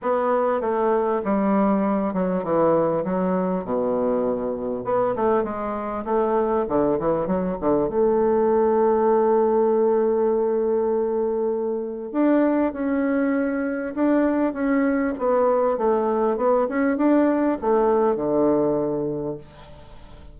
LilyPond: \new Staff \with { instrumentName = "bassoon" } { \time 4/4 \tempo 4 = 99 b4 a4 g4. fis8 | e4 fis4 b,2 | b8 a8 gis4 a4 d8 e8 | fis8 d8 a2.~ |
a1 | d'4 cis'2 d'4 | cis'4 b4 a4 b8 cis'8 | d'4 a4 d2 | }